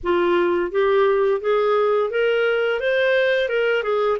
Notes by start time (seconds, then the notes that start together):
0.03 F4
0.71 G4
1.40 G#4
2.10 A#4
2.79 C5
3.49 A#4
3.83 G#4